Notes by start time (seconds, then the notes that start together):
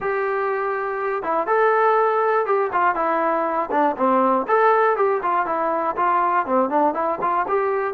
0.00 G4
1.23 E4
1.47 A4
2.46 G4
2.72 F4
2.95 E4
3.71 D4
3.97 C4
4.47 A4
4.96 G4
5.22 F4
5.46 E4
5.96 F4
6.46 C4
6.69 D4
6.94 E4
7.21 F4
7.48 G4